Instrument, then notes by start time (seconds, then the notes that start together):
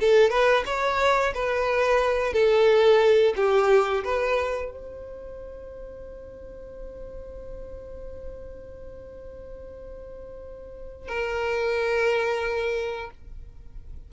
violin
0.00 A4
0.30 B4
0.66 C#5
1.34 B4
2.33 A4
3.36 G4
4.04 B4
4.71 C5
11.08 A#4